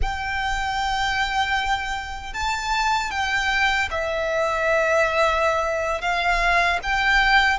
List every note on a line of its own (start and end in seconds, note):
0.02 2.33 G5
2.33 3.11 A5
3.11 3.89 G5
3.90 6.01 E5
6.01 6.79 F5
6.83 7.58 G5